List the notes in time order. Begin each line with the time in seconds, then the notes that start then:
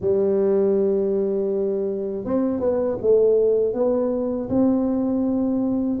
0.00 G3
2.25 C4
2.59 B3
3.01 A3
3.73 B3
4.49 C4